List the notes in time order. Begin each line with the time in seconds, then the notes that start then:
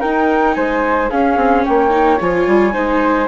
0.00 D#4 A#4 G5
0.54 G#3 C5 G#5
1.10 C#4 G#4 F5
1.36 C4
1.65 A#3 C#5 G5
1.90 D#4
2.20 F3 F4 G#5
2.47 G3
2.73 G#3 D#4 C5